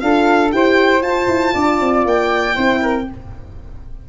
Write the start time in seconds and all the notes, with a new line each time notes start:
0.00 D4 F4 A4 F5
0.50 E4 G4 C5 G5
1.02 F4 A5
1.27 E4
1.53 D4 D5
1.80 C4
2.05 A#3 G5
2.55 C4 E4 C5
2.82 A#4